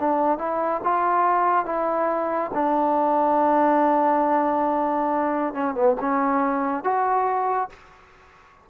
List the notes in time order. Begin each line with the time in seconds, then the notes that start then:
0.00 D4
0.39 E4
0.84 F4
1.66 E4
2.54 D4
5.54 C#4
5.75 B3
6.01 C#4
6.84 F#4